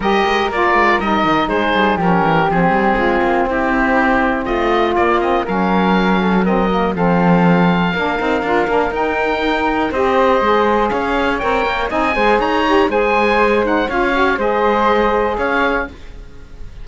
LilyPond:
<<
  \new Staff \with { instrumentName = "oboe" } { \time 4/4 \tempo 4 = 121 dis''4 d''4 dis''4 c''4 | ais'4 gis'2 g'4~ | g'4 dis''4 d''8 dis''8 f''4~ | f''4 dis''4 f''2~ |
f''2 g''2 | dis''2 f''4 g''4 | gis''4 ais''4 gis''4. fis''8 | f''4 dis''2 f''4 | }
  \new Staff \with { instrumentName = "flute" } { \time 4/4 ais'2. gis'4 | g'2 f'4 e'4~ | e'4 f'2 ais'4~ | ais'8 a'8 ais'4 a'2 |
ais'1 | c''2 cis''2 | dis''8 c''8 cis''4 c''2 | cis''4 c''2 cis''4 | }
  \new Staff \with { instrumentName = "saxophone" } { \time 4/4 g'4 f'4 dis'2 | cis'4 c'2.~ | c'2 ais8 c'8 cis'4~ | cis'4 c'8 ais8 c'2 |
d'8 dis'8 f'8 d'8 dis'2 | g'4 gis'2 ais'4 | dis'8 gis'4 g'8 gis'4. dis'8 | f'8 fis'8 gis'2. | }
  \new Staff \with { instrumentName = "cello" } { \time 4/4 g8 gis8 ais8 gis8 g8 dis8 gis8 g8 | f8 e8 f8 g8 gis8 ais8 c'4~ | c'4 a4 ais4 fis4~ | fis2 f2 |
ais8 c'8 d'8 ais8 dis'2 | c'4 gis4 cis'4 c'8 ais8 | c'8 gis8 dis'4 gis2 | cis'4 gis2 cis'4 | }
>>